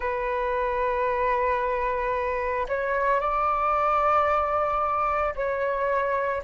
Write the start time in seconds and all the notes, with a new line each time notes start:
0.00 B4
2.68 C#5
3.20 D5
5.35 C#5